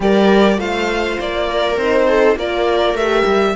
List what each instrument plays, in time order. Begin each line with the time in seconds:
0.00 cello G3, horn G4, viola A#4, violin D5
0.58 cello A3, horn F4, viola C5, violin F5
1.19 cello A#3, violin D5
1.49 viola A#4
1.76 cello C4, horn D#4, violin C5
2.07 viola A4
2.36 cello A#3, horn F4, viola A#4, violin D5
2.93 cello A3, horn G4, violin E5
3.25 cello G3